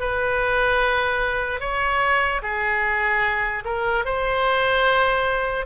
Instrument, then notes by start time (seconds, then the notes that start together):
oboe
0.00 B4
1.60 C#5
2.43 G#4
3.64 A#4
4.05 C5